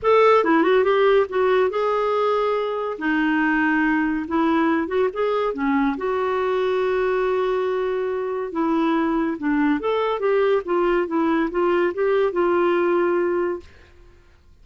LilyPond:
\new Staff \with { instrumentName = "clarinet" } { \time 4/4 \tempo 4 = 141 a'4 e'8 fis'8 g'4 fis'4 | gis'2. dis'4~ | dis'2 e'4. fis'8 | gis'4 cis'4 fis'2~ |
fis'1 | e'2 d'4 a'4 | g'4 f'4 e'4 f'4 | g'4 f'2. | }